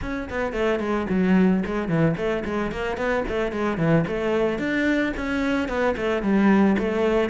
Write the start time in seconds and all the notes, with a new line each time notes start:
0.01 C#4
0.29 B3
0.52 A3
0.79 G#3
1.09 F#3
1.65 G#3
1.88 E3
2.16 A3
2.44 G#3
2.71 A#3
2.97 B3
3.28 A3
3.51 G#3
3.77 E3
4.07 A3
4.58 D4
5.16 C#4
5.68 B3
5.97 A3
6.22 G3
6.78 A3